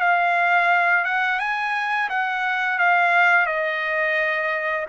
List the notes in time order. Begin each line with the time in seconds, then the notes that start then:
0.00 F5
1.05 F#5
1.39 G#5
2.09 F#5
2.78 F5
3.46 D#5